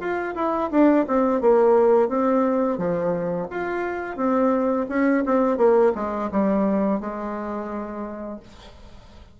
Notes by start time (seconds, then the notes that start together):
0.00 F4
0.36 E4
0.71 D4
1.08 C4
1.41 A#3
2.09 C4
2.78 F3
3.50 F4
4.17 C4
4.89 C#4
5.26 C4
5.58 A#3
5.95 G#3
6.32 G3
7.01 G#3